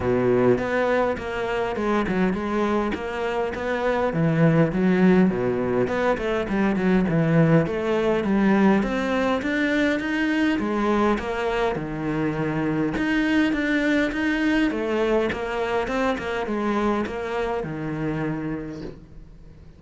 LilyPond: \new Staff \with { instrumentName = "cello" } { \time 4/4 \tempo 4 = 102 b,4 b4 ais4 gis8 fis8 | gis4 ais4 b4 e4 | fis4 b,4 b8 a8 g8 fis8 | e4 a4 g4 c'4 |
d'4 dis'4 gis4 ais4 | dis2 dis'4 d'4 | dis'4 a4 ais4 c'8 ais8 | gis4 ais4 dis2 | }